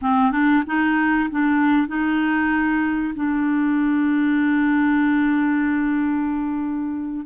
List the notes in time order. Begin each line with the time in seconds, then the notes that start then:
0.01 C4
0.31 D4
0.66 D#4
1.30 D4
1.87 D#4
3.15 D4